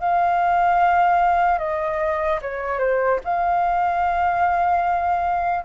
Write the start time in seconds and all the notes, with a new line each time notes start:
0.00 F5
1.58 D#5
2.42 C#5
2.79 C5
3.25 F5